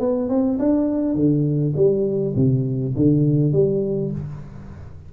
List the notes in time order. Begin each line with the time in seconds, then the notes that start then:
0.00 B3
0.29 C4
0.59 D4
1.15 D3
1.76 G3
2.36 C3
2.96 D3
3.53 G3